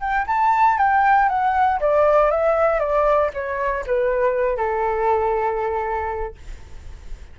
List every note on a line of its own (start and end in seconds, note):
0.00 0.25 G5
0.27 0.77 A5
0.77 1.28 G5
1.28 1.79 F#5
1.80 2.31 D5
2.31 2.79 E5
2.79 3.30 D5
3.33 3.84 C#5
3.86 4.57 B4
4.57 6.35 A4